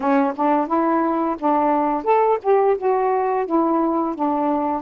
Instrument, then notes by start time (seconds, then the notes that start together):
saxophone
0.00 C#4
0.36 D4
0.67 E4
1.39 D4
2.03 A4
2.42 G4
2.77 F#4
3.46 E4
4.15 D4